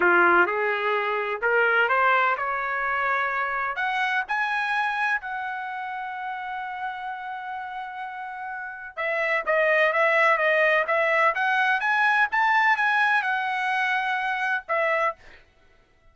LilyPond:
\new Staff \with { instrumentName = "trumpet" } { \time 4/4 \tempo 4 = 127 f'4 gis'2 ais'4 | c''4 cis''2. | fis''4 gis''2 fis''4~ | fis''1~ |
fis''2. e''4 | dis''4 e''4 dis''4 e''4 | fis''4 gis''4 a''4 gis''4 | fis''2. e''4 | }